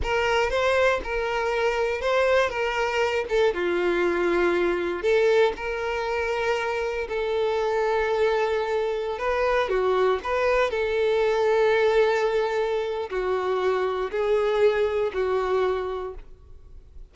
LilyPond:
\new Staff \with { instrumentName = "violin" } { \time 4/4 \tempo 4 = 119 ais'4 c''4 ais'2 | c''4 ais'4. a'8 f'4~ | f'2 a'4 ais'4~ | ais'2 a'2~ |
a'2~ a'16 b'4 fis'8.~ | fis'16 b'4 a'2~ a'8.~ | a'2 fis'2 | gis'2 fis'2 | }